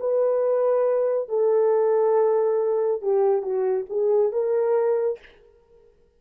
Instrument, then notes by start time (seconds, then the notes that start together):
horn
0.00 B4
1.29 A4
3.02 G4
3.42 F#4
3.90 G#4
4.32 A#4